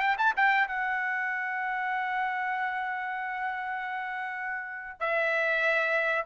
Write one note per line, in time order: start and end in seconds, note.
0.00 0.16 G5
0.18 0.33 A5
0.36 0.68 G5
0.68 5.00 F#5
5.00 6.25 E5